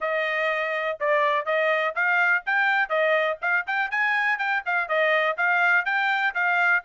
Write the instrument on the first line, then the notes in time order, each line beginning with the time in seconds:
trumpet
0.00 D#5
1.00 D5
1.45 D#5
1.95 F5
2.45 G5
2.89 D#5
3.41 F5
3.66 G5
3.90 G#5
4.38 G5
4.65 F5
4.88 D#5
5.37 F5
5.85 G5
6.34 F5